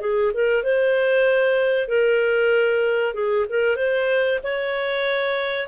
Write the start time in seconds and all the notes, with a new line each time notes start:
0.00 G#4
0.33 A#4
0.63 C5
1.88 A#4
3.14 G#4
3.49 A#4
3.76 C5
4.43 C#5